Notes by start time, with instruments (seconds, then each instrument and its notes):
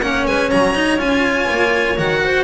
0.00 double bass A#3, cello C#4, clarinet A#4, violin F#5
0.26 double bass G#3, clarinet B4, violin G#5
0.50 double bass F#3, clarinet C#5, violin A#5
0.74 cello D#4
0.98 double bass C#4, cello F4, violin G#5
1.51 double bass A#3
1.97 double bass D#3, cello F#4, violin F#5
2.23 clarinet C5